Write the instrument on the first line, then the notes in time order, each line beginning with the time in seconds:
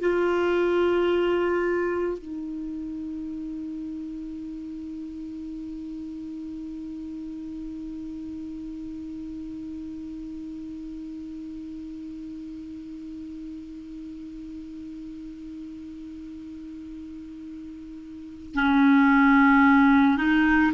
clarinet
0.00 F4
2.18 D#4
18.55 C#4
20.17 D#4